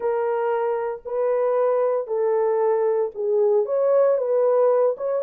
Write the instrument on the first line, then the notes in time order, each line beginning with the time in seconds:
horn
0.00 A#4
1.05 B4
2.07 A4
3.14 G#4
3.65 C#5
4.17 B4
4.97 C#5